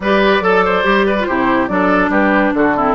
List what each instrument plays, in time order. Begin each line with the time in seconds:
0.00 bassoon G3, clarinet G4, oboe B4, flute D5
0.40 bassoon F#3, clarinet A4, oboe A4
0.64 oboe C5
0.83 bassoon G3, clarinet G4
1.06 oboe B4
1.19 clarinet F4, flute C5
1.27 bassoon C3, clarinet E4, oboe G4
1.67 bassoon F#3, clarinet D4, oboe A4, flute D5
2.09 bassoon G3, oboe G4, flute B4
2.54 bassoon D3, oboe F#4, flute A4
2.75 clarinet C4, oboe E4